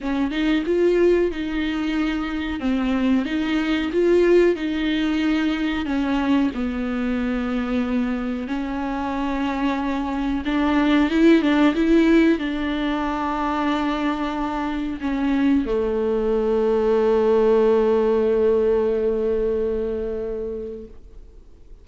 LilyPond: \new Staff \with { instrumentName = "viola" } { \time 4/4 \tempo 4 = 92 cis'8 dis'8 f'4 dis'2 | c'4 dis'4 f'4 dis'4~ | dis'4 cis'4 b2~ | b4 cis'2. |
d'4 e'8 d'8 e'4 d'4~ | d'2. cis'4 | a1~ | a1 | }